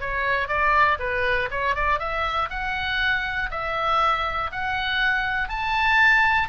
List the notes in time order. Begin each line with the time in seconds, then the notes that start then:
0.00 C#5
0.47 D5
0.99 B4
1.50 C#5
1.75 D5
1.99 E5
2.50 F#5
3.50 E5
4.51 F#5
5.49 A5